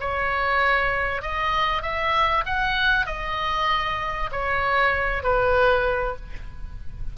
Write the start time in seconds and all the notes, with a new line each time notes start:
0.00 C#5
1.22 D#5
1.82 E5
2.46 F#5
3.06 D#5
4.32 C#5
5.23 B4